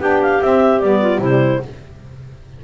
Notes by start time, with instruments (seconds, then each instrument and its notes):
0.00 double bass B3, saxophone D4, clarinet G4 G5
0.22 clarinet F5
0.42 double bass C4, saxophone C4, clarinet E5
0.80 double bass G3, saxophone B3, clarinet D5
1.01 clarinet F4
1.19 double bass C3, saxophone G3, clarinet E4 C5